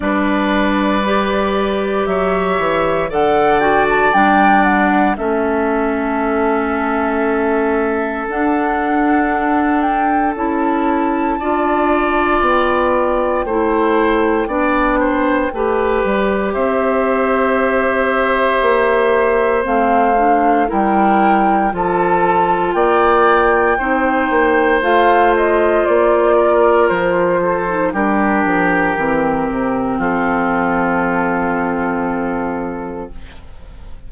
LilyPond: <<
  \new Staff \with { instrumentName = "flute" } { \time 4/4 \tempo 4 = 58 d''2 e''4 fis''8 g''16 a''16 | g''8 fis''8 e''2. | fis''4. g''8 a''2 | g''1 |
e''2. f''4 | g''4 a''4 g''2 | f''8 dis''8 d''4 c''4 ais'4~ | ais'4 a'2. | }
  \new Staff \with { instrumentName = "oboe" } { \time 4/4 b'2 cis''4 d''4~ | d''4 a'2.~ | a'2. d''4~ | d''4 c''4 d''8 c''8 b'4 |
c''1 | ais'4 a'4 d''4 c''4~ | c''4. ais'4 a'8 g'4~ | g'4 f'2. | }
  \new Staff \with { instrumentName = "clarinet" } { \time 4/4 d'4 g'2 a'8 fis'8 | d'4 cis'2. | d'2 e'4 f'4~ | f'4 e'4 d'4 g'4~ |
g'2. c'8 d'8 | e'4 f'2 dis'4 | f'2~ f'8. dis'16 d'4 | c'1 | }
  \new Staff \with { instrumentName = "bassoon" } { \time 4/4 g2 fis8 e8 d4 | g4 a2. | d'2 cis'4 d'4 | b4 a4 b4 a8 g8 |
c'2 ais4 a4 | g4 f4 ais4 c'8 ais8 | a4 ais4 f4 g8 f8 | e8 c8 f2. | }
>>